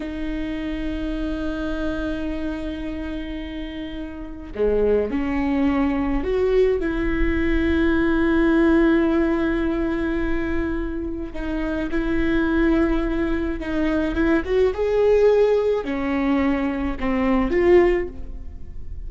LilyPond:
\new Staff \with { instrumentName = "viola" } { \time 4/4 \tempo 4 = 106 dis'1~ | dis'1 | gis4 cis'2 fis'4 | e'1~ |
e'1 | dis'4 e'2. | dis'4 e'8 fis'8 gis'2 | cis'2 c'4 f'4 | }